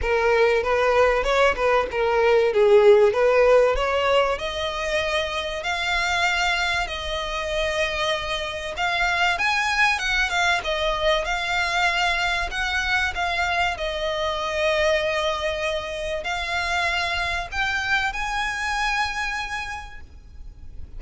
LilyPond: \new Staff \with { instrumentName = "violin" } { \time 4/4 \tempo 4 = 96 ais'4 b'4 cis''8 b'8 ais'4 | gis'4 b'4 cis''4 dis''4~ | dis''4 f''2 dis''4~ | dis''2 f''4 gis''4 |
fis''8 f''8 dis''4 f''2 | fis''4 f''4 dis''2~ | dis''2 f''2 | g''4 gis''2. | }